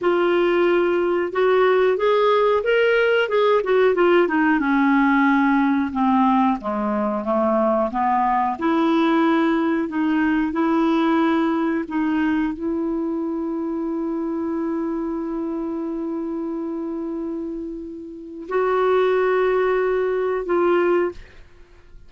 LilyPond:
\new Staff \with { instrumentName = "clarinet" } { \time 4/4 \tempo 4 = 91 f'2 fis'4 gis'4 | ais'4 gis'8 fis'8 f'8 dis'8 cis'4~ | cis'4 c'4 gis4 a4 | b4 e'2 dis'4 |
e'2 dis'4 e'4~ | e'1~ | e'1 | fis'2. f'4 | }